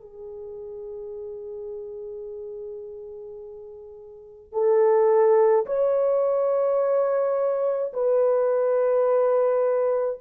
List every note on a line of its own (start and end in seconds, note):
0.00 4.52 G#4
4.52 5.66 A4
5.66 7.92 C#5
7.93 10.19 B4